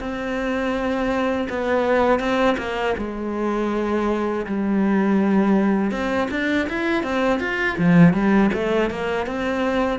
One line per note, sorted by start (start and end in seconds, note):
0.00 1.48 C4
1.50 2.20 B3
2.20 2.57 C4
2.58 2.95 A#3
2.98 4.46 G#3
4.47 5.92 G3
5.92 6.29 C4
6.31 6.68 D4
6.70 7.04 E4
7.04 7.40 C4
7.40 7.77 F4
7.78 8.14 F3
8.14 8.51 G3
8.54 8.91 A3
8.91 9.27 A#3
9.27 10.00 C4